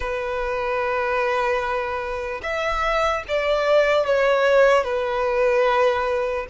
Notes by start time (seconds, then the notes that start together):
0.00 B4
2.42 E5
3.28 D5
4.05 C#5
4.84 B4